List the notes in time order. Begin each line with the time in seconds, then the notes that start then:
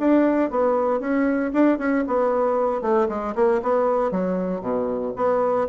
0.00 D4
0.51 B3
1.00 C#4
1.54 D4
1.79 C#4
2.08 B3
2.82 A3
3.09 G#3
3.36 A#3
3.63 B3
4.11 F#3
4.62 B2
5.17 B3